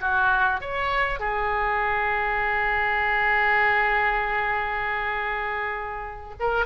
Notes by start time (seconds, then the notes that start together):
0.00 F#4
0.61 C#5
1.19 G#4
6.39 A#4